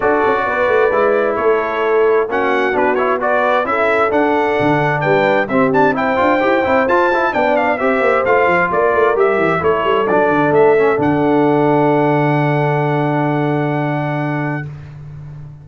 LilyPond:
<<
  \new Staff \with { instrumentName = "trumpet" } { \time 4/4 \tempo 4 = 131 d''2. cis''4~ | cis''4 fis''4 b'8 cis''8 d''4 | e''4 fis''2 g''4 | e''8 a''8 g''2 a''4 |
g''8 f''8 e''4 f''4 d''4 | e''4 cis''4 d''4 e''4 | fis''1~ | fis''1 | }
  \new Staff \with { instrumentName = "horn" } { \time 4/4 a'4 b'2 a'4~ | a'4 fis'2 b'4 | a'2. b'4 | g'4 c''2. |
d''4 c''2 ais'4~ | ais'4 a'2.~ | a'1~ | a'1 | }
  \new Staff \with { instrumentName = "trombone" } { \time 4/4 fis'2 e'2~ | e'4 cis'4 d'8 e'8 fis'4 | e'4 d'2. | c'8 d'8 e'8 f'8 g'8 e'8 f'8 e'8 |
d'4 g'4 f'2 | g'4 e'4 d'4. cis'8 | d'1~ | d'1 | }
  \new Staff \with { instrumentName = "tuba" } { \time 4/4 d'8 cis'8 b8 a8 gis4 a4~ | a4 ais4 b2 | cis'4 d'4 d4 g4 | c'4. d'8 e'8 c'8 f'4 |
b4 c'8 ais8 a8 f8 ais8 a8 | g8 e8 a8 g8 fis8 d8 a4 | d1~ | d1 | }
>>